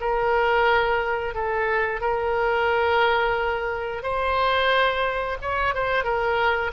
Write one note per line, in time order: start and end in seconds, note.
0.00 1.34 A#4
1.34 2.00 A4
2.00 4.02 A#4
4.02 5.37 C5
5.41 5.74 C#5
5.74 6.03 C5
6.03 6.71 A#4